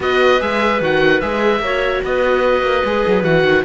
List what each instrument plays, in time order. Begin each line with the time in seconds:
0.00 cello B3, viola F#4, clarinet B4, oboe D#5
0.40 cello G#3, viola G#4, oboe E5
0.80 cello D#3, viola F#4, oboe F#5
1.20 cello G#3, viola G#4, oboe E5
1.59 cello A#3, viola F#4, clarinet C#5
2.03 cello B3, clarinet B4, oboe D#5
2.62 cello A#3
2.84 cello G#3, viola G#4
3.07 cello F#3
3.23 cello E3, viola F#4, oboe F#5
3.43 cello D#3